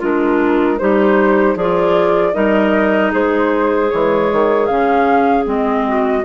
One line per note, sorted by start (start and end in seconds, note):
0.00 0.81 G#3
0.00 0.80 D4
0.00 0.78 F4
0.00 0.79 A#4
0.79 1.56 G3
0.79 1.57 D#4
0.79 1.56 G4
0.79 1.57 C5
1.56 2.34 F3
1.56 2.34 F4
1.56 2.34 G#4
1.56 2.34 D5
2.34 3.14 G3
2.34 3.89 D#4
2.34 3.12 A#4
2.34 3.12 D#5
3.12 3.92 G#3
3.12 5.85 G#4
3.12 3.91 C5
3.91 4.32 E3
3.91 4.69 G#3
3.91 4.66 C#5
4.33 4.70 D#3
4.66 5.47 C#3
4.66 5.45 C#4
4.66 5.44 F5
5.45 6.25 G#3
5.45 6.23 C4
5.45 6.25 D#5
5.88 6.25 F#4